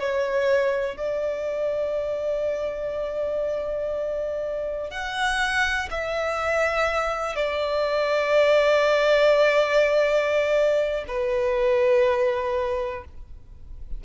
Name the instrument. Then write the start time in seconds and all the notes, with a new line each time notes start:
violin
0.00 C#5
0.97 D5
4.91 F#5
5.91 E5
7.36 D5
11.08 B4